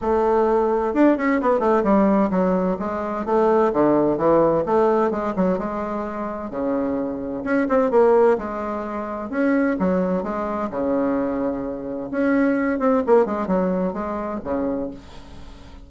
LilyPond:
\new Staff \with { instrumentName = "bassoon" } { \time 4/4 \tempo 4 = 129 a2 d'8 cis'8 b8 a8 | g4 fis4 gis4 a4 | d4 e4 a4 gis8 fis8 | gis2 cis2 |
cis'8 c'8 ais4 gis2 | cis'4 fis4 gis4 cis4~ | cis2 cis'4. c'8 | ais8 gis8 fis4 gis4 cis4 | }